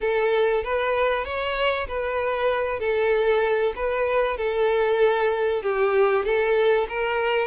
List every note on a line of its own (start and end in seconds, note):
0.01 0.63 A4
0.63 1.24 B4
1.24 1.87 C#5
1.87 2.79 B4
2.79 3.73 A4
3.75 4.37 B4
4.37 5.62 A4
5.62 6.24 G4
6.24 6.87 A4
6.88 7.47 A#4